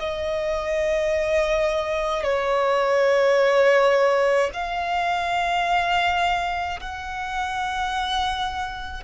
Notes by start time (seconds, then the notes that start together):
0.00 D#5
2.24 C#5
4.54 F5
6.81 F#5